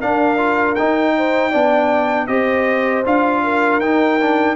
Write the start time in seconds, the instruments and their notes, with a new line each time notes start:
0.00 tuba D4, trombone D4, horn A#4, trumpet F5
0.38 trombone F4
0.75 trombone D#4, tuba D#4, trumpet G5
1.17 horn C5
1.51 tuba B3, trombone D4, horn D5
2.27 tuba C4, trombone G4, horn C5, trumpet D#5
3.06 tuba D4, trombone F4, trumpet F5
3.44 horn A#4
3.80 tuba D#4, trombone D#4, trumpet G5
4.21 trombone D4